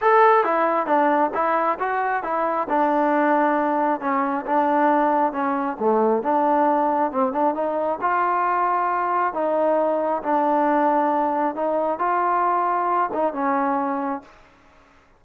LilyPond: \new Staff \with { instrumentName = "trombone" } { \time 4/4 \tempo 4 = 135 a'4 e'4 d'4 e'4 | fis'4 e'4 d'2~ | d'4 cis'4 d'2 | cis'4 a4 d'2 |
c'8 d'8 dis'4 f'2~ | f'4 dis'2 d'4~ | d'2 dis'4 f'4~ | f'4. dis'8 cis'2 | }